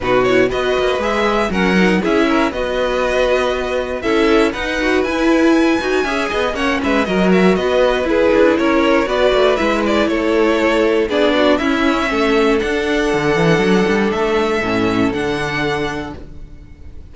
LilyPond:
<<
  \new Staff \with { instrumentName = "violin" } { \time 4/4 \tempo 4 = 119 b'8 cis''8 dis''4 e''4 fis''4 | e''4 dis''2. | e''4 fis''4 gis''2~ | gis''4 fis''8 e''8 dis''8 e''8 dis''4 |
b'4 cis''4 d''4 e''8 d''8 | cis''2 d''4 e''4~ | e''4 fis''2. | e''2 fis''2 | }
  \new Staff \with { instrumentName = "violin" } { \time 4/4 fis'4 b'2 ais'4 | gis'8 ais'8 b'2. | a'4 b'2. | e''8 dis''8 cis''8 b'8 ais'4 b'4 |
gis'4 ais'4 b'2 | a'2 gis'8 fis'8 e'4 | a'1~ | a'1 | }
  \new Staff \with { instrumentName = "viola" } { \time 4/4 dis'8 e'8 fis'4 gis'4 cis'8 dis'8 | e'4 fis'2. | e'4 dis'8 fis'8 e'4. fis'8 | gis'4 cis'4 fis'2 |
e'2 fis'4 e'4~ | e'2 d'4 cis'4~ | cis'4 d'2.~ | d'4 cis'4 d'2 | }
  \new Staff \with { instrumentName = "cello" } { \time 4/4 b,4 b8 ais8 gis4 fis4 | cis'4 b2. | cis'4 dis'4 e'4. dis'8 | cis'8 b8 ais8 gis8 fis4 b4 |
e'8 d'8 cis'4 b8 a8 gis4 | a2 b4 cis'4 | a4 d'4 d8 e8 fis8 g8 | a4 a,4 d2 | }
>>